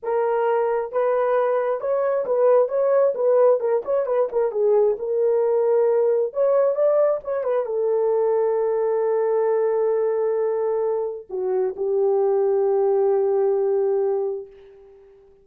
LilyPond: \new Staff \with { instrumentName = "horn" } { \time 4/4 \tempo 4 = 133 ais'2 b'2 | cis''4 b'4 cis''4 b'4 | ais'8 cis''8 b'8 ais'8 gis'4 ais'4~ | ais'2 cis''4 d''4 |
cis''8 b'8 a'2.~ | a'1~ | a'4 fis'4 g'2~ | g'1 | }